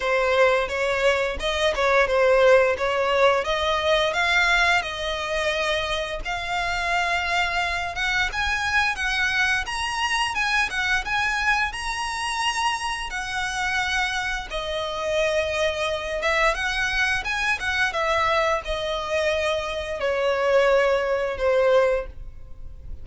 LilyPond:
\new Staff \with { instrumentName = "violin" } { \time 4/4 \tempo 4 = 87 c''4 cis''4 dis''8 cis''8 c''4 | cis''4 dis''4 f''4 dis''4~ | dis''4 f''2~ f''8 fis''8 | gis''4 fis''4 ais''4 gis''8 fis''8 |
gis''4 ais''2 fis''4~ | fis''4 dis''2~ dis''8 e''8 | fis''4 gis''8 fis''8 e''4 dis''4~ | dis''4 cis''2 c''4 | }